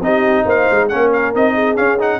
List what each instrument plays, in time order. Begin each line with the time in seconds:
0.00 tuba C4, trombone D#4, horn G4, trumpet D#5
0.44 tuba A#3, horn C5, trumpet F5
0.70 tuba G#3
0.88 tuba A#3, trombone C#4, horn A#4, trumpet F#5
1.12 trumpet F5
1.34 tuba C4, trombone D#4, trumpet D#5
1.53 horn G#4
1.76 trombone C#4, tuba C#4, trumpet F5
1.99 trombone D#4, trumpet F#5